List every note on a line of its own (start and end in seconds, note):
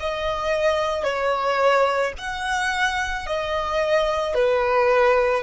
0.00 1.04 D#5
1.04 2.13 C#5
2.18 3.26 F#5
3.26 4.34 D#5
4.34 5.43 B4